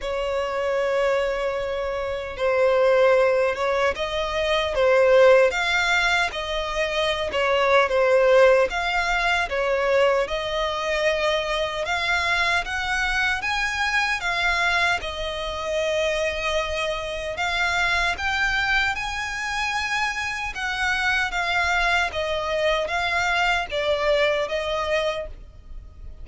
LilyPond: \new Staff \with { instrumentName = "violin" } { \time 4/4 \tempo 4 = 76 cis''2. c''4~ | c''8 cis''8 dis''4 c''4 f''4 | dis''4~ dis''16 cis''8. c''4 f''4 | cis''4 dis''2 f''4 |
fis''4 gis''4 f''4 dis''4~ | dis''2 f''4 g''4 | gis''2 fis''4 f''4 | dis''4 f''4 d''4 dis''4 | }